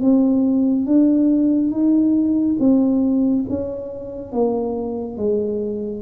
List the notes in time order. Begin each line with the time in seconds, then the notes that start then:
0.00 C4
0.86 D4
1.71 D#4
2.59 C4
3.49 C#4
4.32 A#3
5.17 G#3